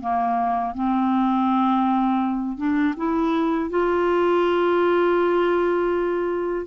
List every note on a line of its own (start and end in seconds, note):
0.00 0.74 A#3
0.74 2.57 C4
2.57 2.94 D4
2.96 3.69 E4
3.69 6.66 F4